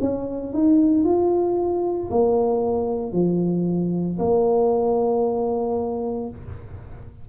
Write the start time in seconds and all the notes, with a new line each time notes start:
0.00 C#4
0.53 D#4
1.04 F4
2.10 A#3
3.12 F3
4.19 A#3